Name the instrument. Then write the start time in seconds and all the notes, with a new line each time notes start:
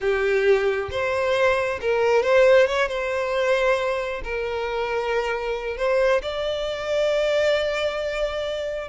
violin
0.00 G4
0.91 C5
1.81 A#4
2.22 C5
2.66 C#5
2.88 C5
4.23 A#4
5.77 C5
6.22 D5